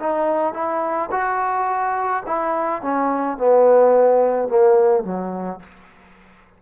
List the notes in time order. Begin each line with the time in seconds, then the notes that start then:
0.00 D#4
0.54 E4
1.12 F#4
2.27 E4
2.82 C#4
3.38 B3
4.49 A#3
5.04 F#3